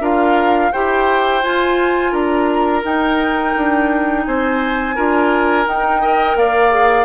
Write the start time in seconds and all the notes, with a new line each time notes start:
0.00 D4 F4 A#4 F5
0.72 E4 G4 C5 G5
1.42 F4 G#5
2.12 D4 A#4 A#5
2.83 D#4 G5
3.57 D4
4.25 C4 C5 G#5
4.96 D4 F4 A#4
5.66 D#4 G5
6.02 A#4 D#5
6.36 A#3 D5 F5
6.71 G#4